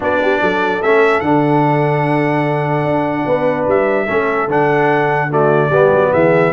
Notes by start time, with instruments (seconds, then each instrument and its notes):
0.00 tuba B3, trombone D4, horn F#4, trumpet D5
0.22 horn G4
0.41 tuba F#3, horn A4
0.82 tuba A3, trombone C#4, trumpet E5
1.20 tuba D3, trombone D4, trumpet F#5
2.84 tuba D4
3.26 tuba B3, horn B4
3.67 tuba G3, trumpet E5
4.06 tuba A3, trombone C#4, horn A4
4.47 tuba D3, trombone D4, trumpet F#5
5.29 trombone A3, horn F#4, trumpet D5
5.69 tuba G3, trombone B3, horn G4
5.92 tuba F#3
6.12 tuba E3, horn G#4, trumpet E5